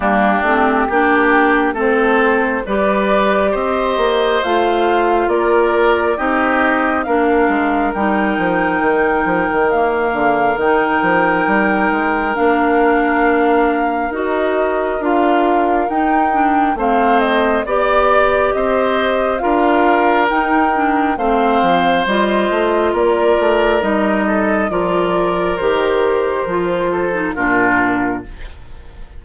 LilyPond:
<<
  \new Staff \with { instrumentName = "flute" } { \time 4/4 \tempo 4 = 68 g'2 c''4 d''4 | dis''4 f''4 d''4 dis''4 | f''4 g''2 f''4 | g''2 f''2 |
dis''4 f''4 g''4 f''8 dis''8 | d''4 dis''4 f''4 g''4 | f''4 dis''4 d''4 dis''4 | d''4 c''2 ais'4 | }
  \new Staff \with { instrumentName = "oboe" } { \time 4/4 d'4 g'4 a'4 b'4 | c''2 ais'4 g'4 | ais'1~ | ais'1~ |
ais'2. c''4 | d''4 c''4 ais'2 | c''2 ais'4. a'8 | ais'2~ ais'8 a'8 f'4 | }
  \new Staff \with { instrumentName = "clarinet" } { \time 4/4 ais8 c'8 d'4 c'4 g'4~ | g'4 f'2 dis'4 | d'4 dis'2 ais4 | dis'2 d'2 |
fis'4 f'4 dis'8 d'8 c'4 | g'2 f'4 dis'8 d'8 | c'4 f'2 dis'4 | f'4 g'4 f'8. dis'16 d'4 | }
  \new Staff \with { instrumentName = "bassoon" } { \time 4/4 g8 a8 ais4 a4 g4 | c'8 ais8 a4 ais4 c'4 | ais8 gis8 g8 f8 dis8 f16 dis8. d8 | dis8 f8 g8 gis8 ais2 |
dis'4 d'4 dis'4 a4 | b4 c'4 d'4 dis'4 | a8 f8 g8 a8 ais8 a8 g4 | f4 dis4 f4 ais,4 | }
>>